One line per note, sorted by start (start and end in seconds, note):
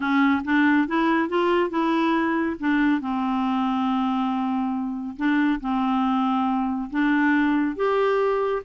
0.00 0.42 C#4
0.44 0.87 D4
0.87 1.29 E4
1.29 1.70 F4
1.70 2.56 E4
2.59 3.00 D4
3.00 5.16 C4
5.16 5.60 D4
5.60 6.89 C4
6.90 7.76 D4
7.76 8.62 G4